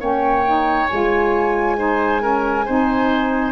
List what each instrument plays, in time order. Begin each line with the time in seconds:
0.00 tuba A#3, saxophone C#4, oboe C#5, flute G5
0.46 saxophone D#4
0.88 tuba G#3, saxophone F4, flute G#5
1.77 saxophone D#4, oboe C5
2.21 saxophone C#4, oboe A#4
2.65 tuba C4, saxophone D#4, oboe C5